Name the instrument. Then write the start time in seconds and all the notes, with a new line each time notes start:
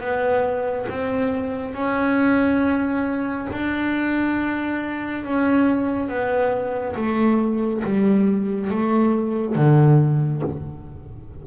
double bass
0.00 B3
0.89 C4
1.74 C#4
3.53 D4
5.25 C#4
6.08 B3
6.96 A3
7.84 G3
8.70 A3
9.55 D3